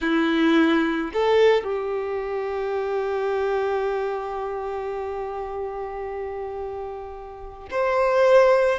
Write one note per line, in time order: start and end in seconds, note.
0.01 1.11 E4
1.13 1.63 A4
1.63 7.69 G4
7.71 8.79 C5